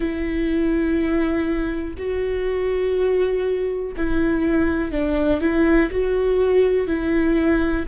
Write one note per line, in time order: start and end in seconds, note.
0.00 1.94 E4
1.98 3.94 F#4
3.96 4.91 E4
4.91 5.41 D4
5.41 5.90 E4
5.90 6.87 F#4
6.87 7.85 E4